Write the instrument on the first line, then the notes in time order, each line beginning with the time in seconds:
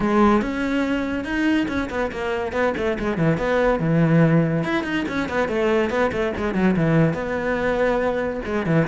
cello
0.00 G#3
0.41 C#4
1.24 D#4
1.68 C#4
1.90 B3
2.11 A#3
2.52 B3
2.77 A3
2.99 G#3
3.17 E3
3.37 B3
3.79 E3
4.63 E4
4.83 D#4
5.08 C#4
5.28 B3
5.48 A3
5.90 B3
6.12 A3
6.37 G#3
6.54 F#3
6.76 E3
7.13 B3
8.45 G#3
8.66 E3